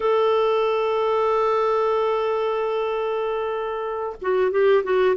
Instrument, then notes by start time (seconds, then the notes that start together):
clarinet
0.00 A4
4.21 F#4
4.51 G4
4.83 F#4